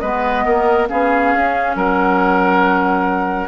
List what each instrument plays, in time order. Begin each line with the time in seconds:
0.00 bassoon G#3, clarinet B3, oboe B4, flute D#5
0.46 bassoon A#3, oboe A#4
0.89 bassoon B3, clarinet C#4, oboe G#4, flute F5
1.35 bassoon C#4
1.76 bassoon F#3, oboe A#4, flute F#5